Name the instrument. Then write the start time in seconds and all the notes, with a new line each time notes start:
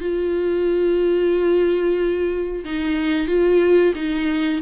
viola
0.00 F4
2.64 D#4
3.27 F4
3.95 D#4